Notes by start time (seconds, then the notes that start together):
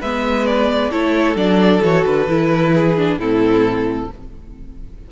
0.00 G#3 B3 B4 E5
0.46 D5
0.91 A3 E4 A4 C#5
1.35 F#3 D4 D5
1.81 E3 F#4 C#5
2.05 D3 B4
2.27 E3 E4
2.74 G#4
2.97 D4
3.18 A2 C4 E4 A4